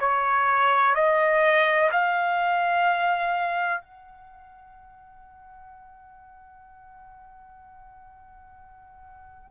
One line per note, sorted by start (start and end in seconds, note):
0.00 0.95 C#5
0.95 1.90 D#5
1.92 3.82 F5
3.82 9.52 F#5